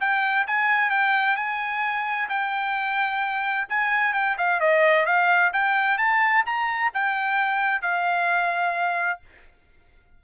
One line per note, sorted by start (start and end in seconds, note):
0.00 0.46 G5
0.47 0.90 G#5
0.90 1.36 G5
1.36 2.28 G#5
2.29 3.67 G5
3.69 4.13 G#5
4.13 4.36 G5
4.37 4.60 F5
4.60 5.05 D#5
5.05 5.52 F5
5.53 5.98 G5
5.98 6.44 A5
6.46 6.92 A#5
6.94 7.81 G5
7.81 9.20 F5